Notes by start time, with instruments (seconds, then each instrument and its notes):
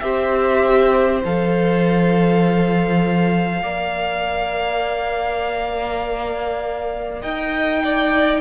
0.00 cello C4, viola G4, violin C5 E5
1.24 cello F3, viola A4, violin F5
3.62 cello A#3, viola A#4, violin D5
7.21 cello D#4, violin D#5 G5
7.84 violin D5